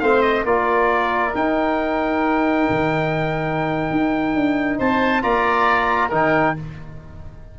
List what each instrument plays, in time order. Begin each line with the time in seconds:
0.00 tuba A3, trombone C4, oboe C5, trumpet F5
0.22 trumpet D#5
0.44 tuba A#3, trombone F4, oboe A#4, trumpet D5
1.35 trombone D#4, tuba D#4, trumpet G5
2.70 tuba D#3
3.91 tuba D#4
4.35 tuba D4
4.78 tuba C4, oboe C5, trumpet A5
5.21 tuba A#3, trombone F4, oboe D5, trumpet A#5
6.09 tuba D#3, trombone D#4, oboe A#4, trumpet G5